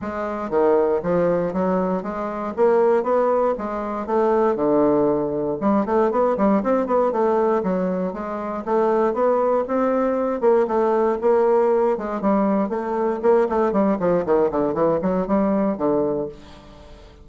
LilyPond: \new Staff \with { instrumentName = "bassoon" } { \time 4/4 \tempo 4 = 118 gis4 dis4 f4 fis4 | gis4 ais4 b4 gis4 | a4 d2 g8 a8 | b8 g8 c'8 b8 a4 fis4 |
gis4 a4 b4 c'4~ | c'8 ais8 a4 ais4. gis8 | g4 a4 ais8 a8 g8 f8 | dis8 d8 e8 fis8 g4 d4 | }